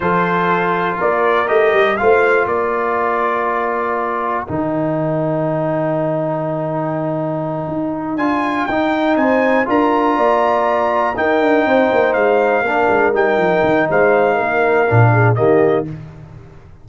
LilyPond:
<<
  \new Staff \with { instrumentName = "trumpet" } { \time 4/4 \tempo 4 = 121 c''2 d''4 dis''4 | f''4 d''2.~ | d''4 g''2.~ | g''1~ |
g''8 gis''4 g''4 gis''4 ais''8~ | ais''2~ ais''8 g''4.~ | g''8 f''2 g''4. | f''2. dis''4 | }
  \new Staff \with { instrumentName = "horn" } { \time 4/4 a'2 ais'2 | c''4 ais'2.~ | ais'1~ | ais'1~ |
ais'2~ ais'8 c''4 ais'8~ | ais'8 d''2 ais'4 c''8~ | c''4. ais'2~ ais'8 | c''4 ais'4. gis'8 g'4 | }
  \new Staff \with { instrumentName = "trombone" } { \time 4/4 f'2. g'4 | f'1~ | f'4 dis'2.~ | dis'1~ |
dis'8 f'4 dis'2 f'8~ | f'2~ f'8 dis'4.~ | dis'4. d'4 dis'4.~ | dis'2 d'4 ais4 | }
  \new Staff \with { instrumentName = "tuba" } { \time 4/4 f2 ais4 a8 g8 | a4 ais2.~ | ais4 dis2.~ | dis2.~ dis8 dis'8~ |
dis'8 d'4 dis'4 c'4 d'8~ | d'8 ais2 dis'8 d'8 c'8 | ais8 gis4 ais8 gis8 g8 f8 dis8 | gis4 ais4 ais,4 dis4 | }
>>